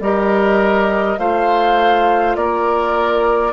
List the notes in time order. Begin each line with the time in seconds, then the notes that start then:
0.00 G3 G4 A#4 D#5
1.17 A3 F4 C5 F5
2.36 A#3 A#4 D5